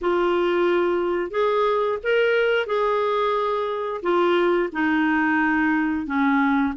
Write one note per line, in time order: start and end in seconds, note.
0.01 1.31 F4
1.31 1.98 G#4
2.03 2.66 A#4
2.66 4.01 G#4
4.02 4.69 F4
4.72 6.06 D#4
6.06 6.73 C#4